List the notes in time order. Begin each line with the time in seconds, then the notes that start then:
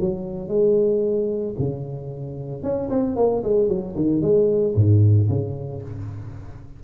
0.00 F#3
0.48 G#3
1.59 C#3
2.63 C#4
2.90 C4
3.16 A#3
3.44 G#3
3.69 F#3
3.96 D#3
4.22 G#3
4.75 G#2
5.29 C#3